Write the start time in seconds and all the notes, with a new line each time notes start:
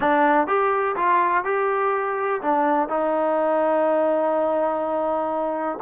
0.00 D4
0.47 G4
0.96 F4
1.44 G4
2.41 D4
2.88 D#4